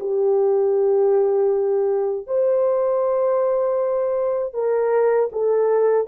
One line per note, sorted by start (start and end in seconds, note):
0.00 2.27 G4
2.27 4.54 C5
4.54 5.30 A#4
5.32 6.07 A4